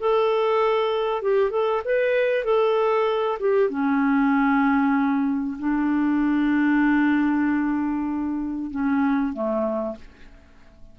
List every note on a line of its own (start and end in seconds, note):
0.00 1.23 A4
1.23 1.51 G4
1.51 1.82 A4
1.85 2.45 B4
2.45 3.39 A4
3.40 3.70 G4
3.70 5.58 C#4
5.59 8.71 D4
8.71 9.34 C#4
9.34 9.96 A3